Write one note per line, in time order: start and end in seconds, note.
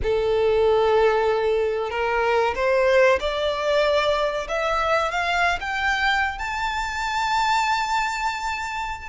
0.02 1.90 A4
1.90 2.54 A#4
2.55 3.19 C5
3.20 4.47 D5
4.48 5.11 E5
5.11 5.59 F5
5.60 6.38 G5
6.38 9.09 A5